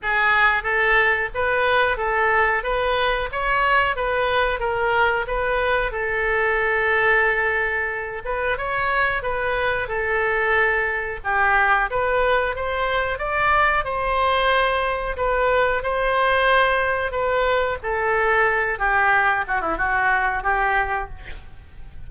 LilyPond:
\new Staff \with { instrumentName = "oboe" } { \time 4/4 \tempo 4 = 91 gis'4 a'4 b'4 a'4 | b'4 cis''4 b'4 ais'4 | b'4 a'2.~ | a'8 b'8 cis''4 b'4 a'4~ |
a'4 g'4 b'4 c''4 | d''4 c''2 b'4 | c''2 b'4 a'4~ | a'8 g'4 fis'16 e'16 fis'4 g'4 | }